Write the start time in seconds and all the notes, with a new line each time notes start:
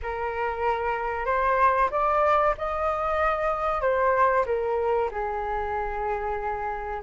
0.02 A#4
1.25 C5
1.91 D5
2.57 D#5
3.81 C5
4.46 A#4
5.11 G#4